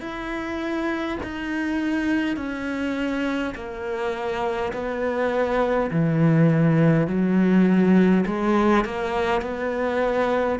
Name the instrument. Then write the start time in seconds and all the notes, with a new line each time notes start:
cello
0.00 E4
1.22 D#4
2.36 C#4
3.55 A#3
4.72 B3
5.90 E3
7.07 F#3
8.26 G#3
8.84 A#3
9.41 B3